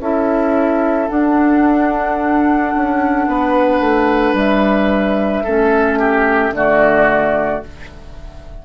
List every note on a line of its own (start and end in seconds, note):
0.00 1.09 C#4
0.00 1.09 E4
0.00 3.28 A4
0.00 1.08 E5
1.08 5.45 D4
1.08 2.75 D4
1.08 4.36 F#5
2.76 3.27 C#4
3.27 3.80 B3
3.27 5.44 B4
3.80 4.33 A3
4.33 5.42 G3
4.33 6.55 E5
5.44 6.51 A3
5.44 6.54 C#4
5.44 5.99 A4
5.99 6.54 G4
6.51 7.60 D3
6.51 7.63 A3
6.51 7.66 F#4
6.51 7.64 D5